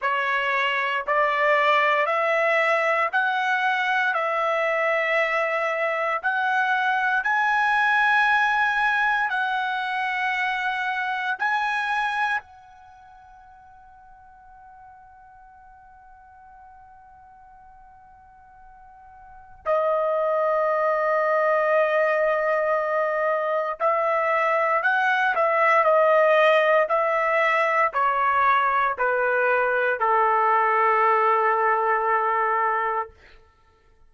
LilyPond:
\new Staff \with { instrumentName = "trumpet" } { \time 4/4 \tempo 4 = 58 cis''4 d''4 e''4 fis''4 | e''2 fis''4 gis''4~ | gis''4 fis''2 gis''4 | fis''1~ |
fis''2. dis''4~ | dis''2. e''4 | fis''8 e''8 dis''4 e''4 cis''4 | b'4 a'2. | }